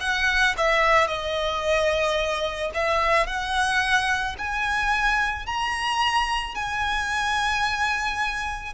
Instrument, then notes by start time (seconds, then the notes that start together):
violin
0.00 F#5
0.57 E5
1.07 D#5
2.74 E5
3.26 F#5
4.38 G#5
5.45 A#5
6.55 G#5